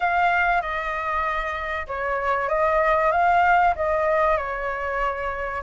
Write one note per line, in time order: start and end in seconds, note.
0.00 0.61 F5
0.61 1.86 D#5
1.87 2.49 C#5
2.49 3.11 D#5
3.11 3.74 F5
3.75 4.37 D#5
4.37 5.62 C#5